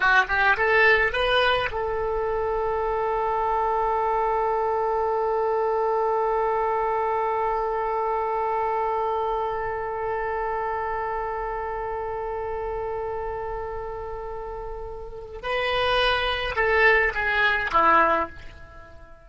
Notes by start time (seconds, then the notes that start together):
0.00 F#4
0.28 G4
0.56 A4
1.12 B4
1.71 A4
15.42 B4
16.55 A4
17.14 G#4
17.72 E4